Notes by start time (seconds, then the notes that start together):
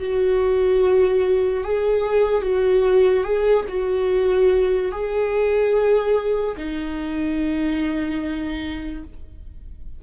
0.00 F#4
1.64 G#4
2.42 F#4
3.24 G#4
3.69 F#4
4.92 G#4
6.57 D#4